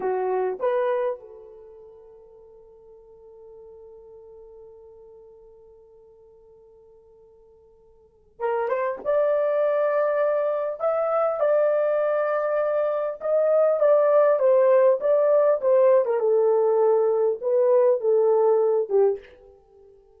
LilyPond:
\new Staff \with { instrumentName = "horn" } { \time 4/4 \tempo 4 = 100 fis'4 b'4 a'2~ | a'1~ | a'1~ | a'2 ais'8 c''8 d''4~ |
d''2 e''4 d''4~ | d''2 dis''4 d''4 | c''4 d''4 c''8. ais'16 a'4~ | a'4 b'4 a'4. g'8 | }